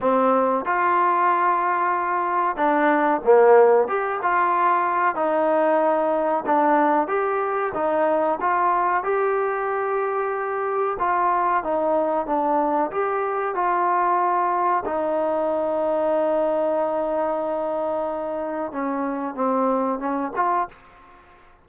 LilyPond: \new Staff \with { instrumentName = "trombone" } { \time 4/4 \tempo 4 = 93 c'4 f'2. | d'4 ais4 g'8 f'4. | dis'2 d'4 g'4 | dis'4 f'4 g'2~ |
g'4 f'4 dis'4 d'4 | g'4 f'2 dis'4~ | dis'1~ | dis'4 cis'4 c'4 cis'8 f'8 | }